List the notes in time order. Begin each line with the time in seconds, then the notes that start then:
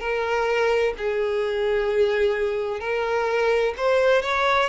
0.00 A#4
0.98 G#4
2.80 A#4
3.77 C5
4.22 C#5